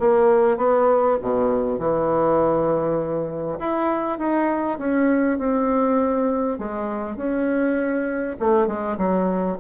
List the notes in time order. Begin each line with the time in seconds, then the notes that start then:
0.00 A#3
0.57 B3
1.22 B2
1.79 E3
3.60 E4
4.19 D#4
4.79 C#4
5.39 C4
6.59 G#3
7.17 C#4
8.40 A3
8.67 G#3
8.98 F#3